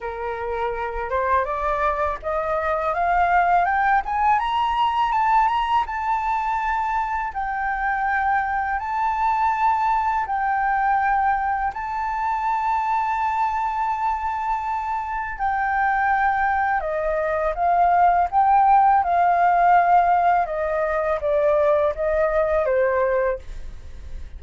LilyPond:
\new Staff \with { instrumentName = "flute" } { \time 4/4 \tempo 4 = 82 ais'4. c''8 d''4 dis''4 | f''4 g''8 gis''8 ais''4 a''8 ais''8 | a''2 g''2 | a''2 g''2 |
a''1~ | a''4 g''2 dis''4 | f''4 g''4 f''2 | dis''4 d''4 dis''4 c''4 | }